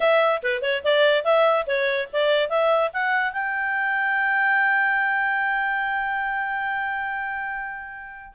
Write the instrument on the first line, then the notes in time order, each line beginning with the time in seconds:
clarinet
0.00 E5
0.43 B4
0.62 C#5
0.83 D5
1.24 E5
1.66 C#5
2.12 D5
2.49 E5
2.93 F#5
3.32 G5